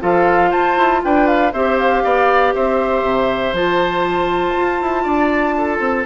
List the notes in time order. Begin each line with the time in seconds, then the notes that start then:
0.00 F3 F4 A4 F5
0.50 F4 C5 A5
0.77 E4
1.04 D4 B4 G5
1.27 F5
1.52 C4 G4 C5 E5
1.78 F5
2.04 B3 D5
2.54 C4 C5 E5
3.02 C3
3.53 F3 F4 A5
4.57 F4
4.81 E4
5.03 D4 D5
5.57 A4
5.79 C4